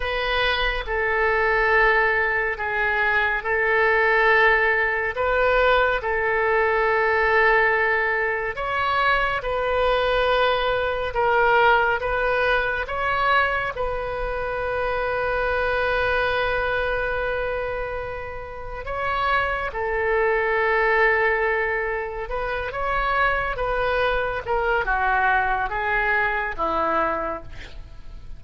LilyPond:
\new Staff \with { instrumentName = "oboe" } { \time 4/4 \tempo 4 = 70 b'4 a'2 gis'4 | a'2 b'4 a'4~ | a'2 cis''4 b'4~ | b'4 ais'4 b'4 cis''4 |
b'1~ | b'2 cis''4 a'4~ | a'2 b'8 cis''4 b'8~ | b'8 ais'8 fis'4 gis'4 e'4 | }